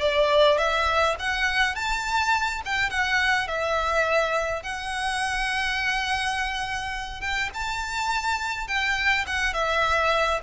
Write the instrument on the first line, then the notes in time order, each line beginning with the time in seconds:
violin
0.00 D5
0.57 E5
1.19 F#5
1.75 A5
2.65 G5
2.90 F#5
3.47 E5
4.63 F#5
7.20 G5
7.53 A5
8.67 G5
9.26 F#5
9.53 E5